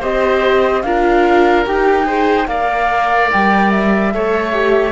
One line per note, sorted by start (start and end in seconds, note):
0.00 0.84 C4
0.00 0.84 G4
0.00 0.82 C5
0.00 0.82 D#5
0.82 1.66 D4
0.82 1.65 F4
0.82 2.07 A#4
0.82 1.64 F5
1.65 2.48 D#4
1.65 2.05 G4
1.65 2.47 G5
2.05 2.46 G#4
2.05 2.48 C5
2.47 3.30 A#3
2.47 4.12 A#4
2.47 4.14 D5
2.47 3.30 F5
3.32 4.14 G3
3.32 3.71 G5
3.71 4.92 E5
4.14 4.92 A3
4.14 4.53 A4
4.14 4.92 C#5
4.53 4.92 G4